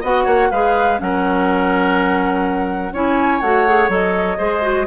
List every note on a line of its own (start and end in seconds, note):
0.00 0.26 B3
0.00 0.52 F#4
0.00 0.24 D#5
0.00 0.51 F#5
0.24 0.50 A#3
0.24 0.48 C#5
0.51 0.99 G#3
0.51 0.98 G#4
0.51 0.99 B4
0.51 0.99 F5
0.98 2.92 F#3
0.98 2.92 C#4
0.98 2.93 A#4
0.98 2.94 F#5
2.92 3.41 C#4
2.92 3.43 E4
2.92 4.37 C#5
2.92 3.40 G#5
3.40 3.88 A3
3.40 3.67 F#4
3.40 3.89 F#5
3.67 3.89 G#4
3.88 4.37 F#3
3.88 4.37 A4
3.88 4.86 D#5
4.37 4.86 G#3
4.37 4.62 G#4
4.37 4.86 C5
4.62 4.86 F#4